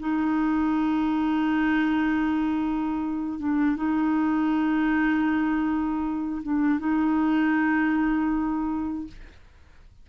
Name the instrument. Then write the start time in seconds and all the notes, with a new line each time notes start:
clarinet
0.00 D#4
3.40 D4
3.77 D#4
6.43 D4
6.80 D#4